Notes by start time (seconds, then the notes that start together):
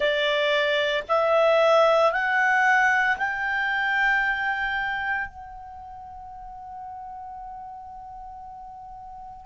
0.00 D5
1.08 E5
2.11 F#5
3.17 G5
5.27 F#5